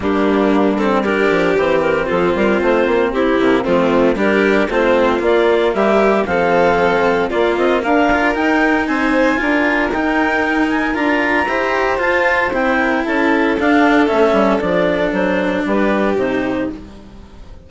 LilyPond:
<<
  \new Staff \with { instrumentName = "clarinet" } { \time 4/4 \tempo 4 = 115 g'4. a'8 ais'4 c''8 ais'8 | a'8 ais'8 c''4 g'4 f'4 | ais'4 c''4 d''4 e''4 | f''2 d''8 dis''8 f''4 |
g''4 gis''2 g''4~ | g''8 gis''8 ais''2 a''4 | g''4 a''4 f''4 e''4 | d''4 c''4 b'4 c''4 | }
  \new Staff \with { instrumentName = "violin" } { \time 4/4 d'2 g'2 | f'2 e'4 c'4 | g'4 f'2 g'4 | a'2 f'4 ais'4~ |
ais'4 c''4 ais'2~ | ais'2 c''2~ | c''8 ais'8 a'2.~ | a'2 g'2 | }
  \new Staff \with { instrumentName = "cello" } { \time 4/4 ais4. c'8 d'4 c'4~ | c'2~ c'8 ais8 a4 | d'4 c'4 ais2 | c'2 ais4. f'8 |
dis'2 f'4 dis'4~ | dis'4 f'4 g'4 f'4 | e'2 d'4 cis'4 | d'2. dis'4 | }
  \new Staff \with { instrumentName = "bassoon" } { \time 4/4 g2~ g8 f8 e4 | f8 g8 a8 ais8 c'8 c8 f4 | g4 a4 ais4 g4 | f2 ais8 c'8 d'4 |
dis'4 c'4 d'4 dis'4~ | dis'4 d'4 e'4 f'4 | c'4 cis'4 d'4 a8 g8 | f4 fis4 g4 c4 | }
>>